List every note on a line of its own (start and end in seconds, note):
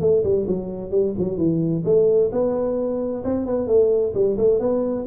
0.00 0.23 A3
0.23 0.46 G3
0.47 0.91 F#3
0.91 1.13 G3
1.18 1.37 F#3
1.37 1.83 E3
1.85 2.30 A3
2.32 3.23 B3
3.24 3.45 C4
3.45 3.67 B3
3.67 4.13 A3
4.14 4.37 G3
4.37 4.59 A3
4.59 5.05 B3